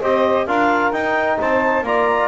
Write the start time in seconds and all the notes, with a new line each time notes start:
0.00 C4 G4 C5 D#5
0.46 D4 F4 A#4 F5
0.92 D#4 G5
1.40 C4 C5 A5
1.83 A#3 F4 D5 A#5